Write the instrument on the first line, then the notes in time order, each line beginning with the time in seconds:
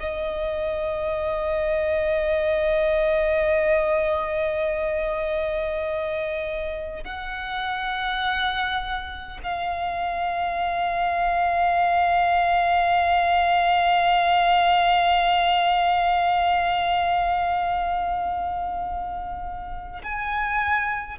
violin
0.00 D#5
7.04 F#5
9.43 F5
20.04 G#5